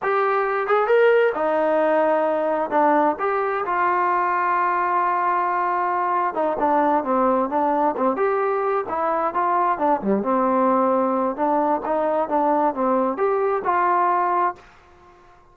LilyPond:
\new Staff \with { instrumentName = "trombone" } { \time 4/4 \tempo 4 = 132 g'4. gis'8 ais'4 dis'4~ | dis'2 d'4 g'4 | f'1~ | f'2 dis'8 d'4 c'8~ |
c'8 d'4 c'8 g'4. e'8~ | e'8 f'4 d'8 g8 c'4.~ | c'4 d'4 dis'4 d'4 | c'4 g'4 f'2 | }